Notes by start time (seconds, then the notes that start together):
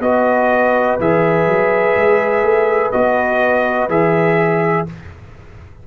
0.00 B3 F#4 B4 D#5
1.00 E3 G#4 E5
1.47 F#3
1.96 G#3
2.43 A3
2.92 B3 F#4 D#5
3.89 E3 G#4 E5